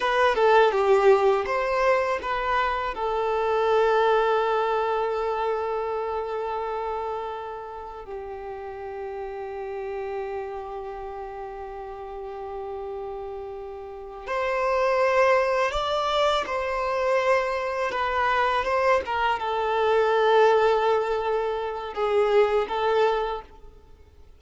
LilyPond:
\new Staff \with { instrumentName = "violin" } { \time 4/4 \tempo 4 = 82 b'8 a'8 g'4 c''4 b'4 | a'1~ | a'2. g'4~ | g'1~ |
g'2.~ g'8 c''8~ | c''4. d''4 c''4.~ | c''8 b'4 c''8 ais'8 a'4.~ | a'2 gis'4 a'4 | }